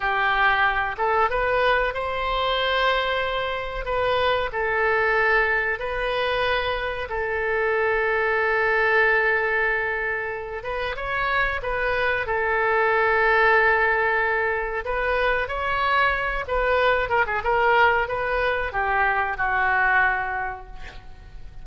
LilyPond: \new Staff \with { instrumentName = "oboe" } { \time 4/4 \tempo 4 = 93 g'4. a'8 b'4 c''4~ | c''2 b'4 a'4~ | a'4 b'2 a'4~ | a'1~ |
a'8 b'8 cis''4 b'4 a'4~ | a'2. b'4 | cis''4. b'4 ais'16 gis'16 ais'4 | b'4 g'4 fis'2 | }